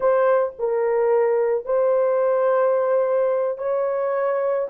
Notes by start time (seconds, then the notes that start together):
0.00 C5
0.58 A#4
1.65 C5
3.58 C#5